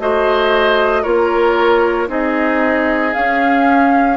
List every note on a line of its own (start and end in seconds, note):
0.00 1.05 A3
0.00 1.04 F#4
0.00 1.03 C5
0.00 1.04 D#5
1.03 2.09 A#3
1.03 2.08 F4
1.03 2.08 A#4
1.03 2.09 C#5
2.08 3.14 C4
2.08 3.13 D#4
2.08 4.18 G#4
2.08 3.14 D#5
3.14 4.18 C#4
3.14 4.18 F5